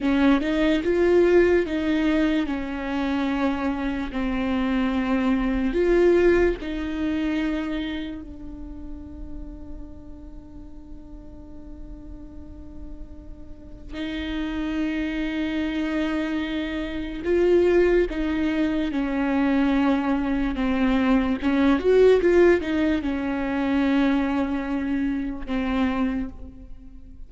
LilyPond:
\new Staff \with { instrumentName = "viola" } { \time 4/4 \tempo 4 = 73 cis'8 dis'8 f'4 dis'4 cis'4~ | cis'4 c'2 f'4 | dis'2 d'2~ | d'1~ |
d'4 dis'2.~ | dis'4 f'4 dis'4 cis'4~ | cis'4 c'4 cis'8 fis'8 f'8 dis'8 | cis'2. c'4 | }